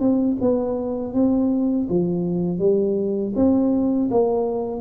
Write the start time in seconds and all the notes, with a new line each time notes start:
0.00 C4
0.41 B3
1.14 C4
1.89 F3
2.59 G3
3.36 C4
4.11 A#3